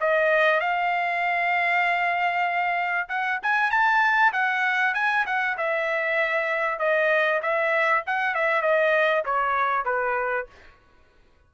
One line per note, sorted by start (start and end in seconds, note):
0.00 0.60 D#5
0.60 3.08 F5
3.09 3.40 F#5
3.43 3.70 G#5
3.70 4.32 A5
4.33 4.94 F#5
4.94 5.25 G#5
5.26 5.57 F#5
5.57 6.79 E5
6.79 7.41 D#5
7.42 8.04 E5
8.06 8.34 F#5
8.34 8.62 E5
8.62 9.24 D#5
9.25 9.85 C#5
9.85 10.47 B4